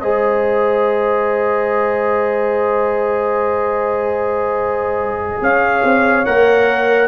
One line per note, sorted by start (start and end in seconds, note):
0.00 5.41 G#3
0.00 6.26 G#4
0.00 5.44 C5
0.00 5.42 D#5
5.41 5.83 C#4
5.41 7.08 C#5
5.41 6.26 F5
5.84 6.26 C4
6.26 7.08 A#3
6.26 7.08 A#4
6.26 7.08 F#5